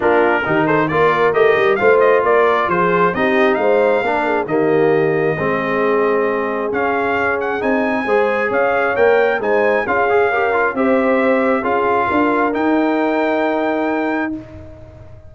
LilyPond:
<<
  \new Staff \with { instrumentName = "trumpet" } { \time 4/4 \tempo 4 = 134 ais'4. c''8 d''4 dis''4 | f''8 dis''8 d''4 c''4 dis''4 | f''2 dis''2~ | dis''2. f''4~ |
f''8 fis''8 gis''2 f''4 | g''4 gis''4 f''2 | e''2 f''2 | g''1 | }
  \new Staff \with { instrumentName = "horn" } { \time 4/4 f'4 g'8 a'8 ais'2 | c''4 ais'4 gis'4 g'4 | c''4 ais'8 gis'8 g'2 | gis'1~ |
gis'2 c''4 cis''4~ | cis''4 c''4 gis'4 ais'4 | c''2 gis'4 ais'4~ | ais'1 | }
  \new Staff \with { instrumentName = "trombone" } { \time 4/4 d'4 dis'4 f'4 g'4 | f'2. dis'4~ | dis'4 d'4 ais2 | c'2. cis'4~ |
cis'4 dis'4 gis'2 | ais'4 dis'4 f'8 gis'8 g'8 f'8 | g'2 f'2 | dis'1 | }
  \new Staff \with { instrumentName = "tuba" } { \time 4/4 ais4 dis4 ais4 a8 g8 | a4 ais4 f4 c'4 | gis4 ais4 dis2 | gis2. cis'4~ |
cis'4 c'4 gis4 cis'4 | ais4 gis4 cis'2 | c'2 cis'4 d'4 | dis'1 | }
>>